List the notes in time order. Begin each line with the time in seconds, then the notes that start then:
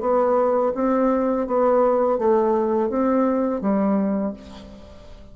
0.00 B3
0.74 C4
1.47 B3
2.18 A3
2.89 C4
3.61 G3